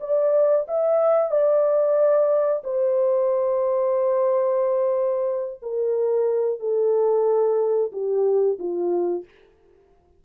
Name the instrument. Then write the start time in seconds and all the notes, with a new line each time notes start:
horn
0.00 D5
0.68 E5
1.31 D5
2.64 C5
5.62 A#4
6.59 A4
7.92 G4
8.59 F4